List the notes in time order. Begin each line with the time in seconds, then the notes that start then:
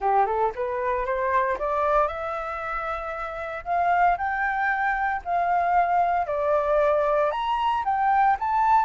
0.00 G4
0.26 A4
0.55 B4
1.05 C5
1.59 D5
2.07 E5
3.65 F5
4.17 G5
5.25 F5
6.26 D5
7.31 A#5
7.84 G5
8.39 A5